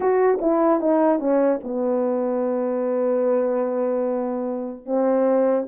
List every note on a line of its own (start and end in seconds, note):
0.00 0.39 F#4
0.41 0.80 E4
0.80 1.19 D#4
1.19 1.59 C#4
1.63 4.85 B3
4.85 5.66 C4